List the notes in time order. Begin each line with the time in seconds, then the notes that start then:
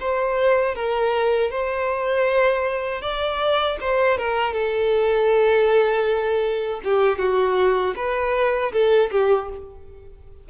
0.00 C5
0.75 A#4
1.51 C5
3.02 D5
3.81 C5
4.18 A#4
4.53 A4
6.84 G4
7.19 F#4
7.96 B4
8.73 A4
9.11 G4